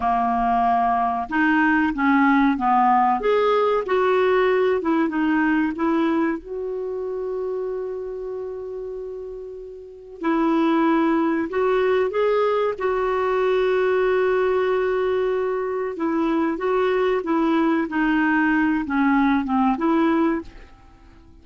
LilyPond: \new Staff \with { instrumentName = "clarinet" } { \time 4/4 \tempo 4 = 94 ais2 dis'4 cis'4 | b4 gis'4 fis'4. e'8 | dis'4 e'4 fis'2~ | fis'1 |
e'2 fis'4 gis'4 | fis'1~ | fis'4 e'4 fis'4 e'4 | dis'4. cis'4 c'8 e'4 | }